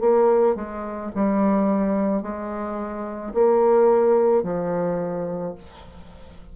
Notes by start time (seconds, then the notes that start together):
0.00 A#3
0.55 G#3
1.15 G3
2.22 G#3
3.33 A#3
4.42 F3